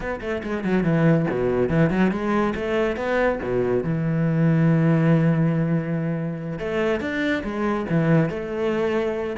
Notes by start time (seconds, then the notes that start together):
0.00 B3
0.21 A3
0.43 G#3
0.64 F#3
0.83 E3
1.30 B2
1.69 E3
1.90 F#3
2.11 G#3
2.55 A3
2.96 B3
3.42 B2
3.83 E3
6.59 A3
7.00 D4
7.43 G#3
7.89 E3
8.29 A3